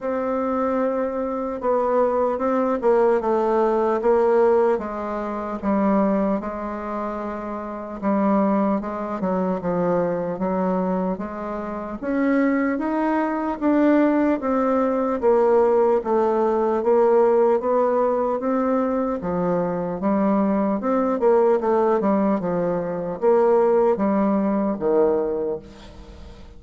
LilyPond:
\new Staff \with { instrumentName = "bassoon" } { \time 4/4 \tempo 4 = 75 c'2 b4 c'8 ais8 | a4 ais4 gis4 g4 | gis2 g4 gis8 fis8 | f4 fis4 gis4 cis'4 |
dis'4 d'4 c'4 ais4 | a4 ais4 b4 c'4 | f4 g4 c'8 ais8 a8 g8 | f4 ais4 g4 dis4 | }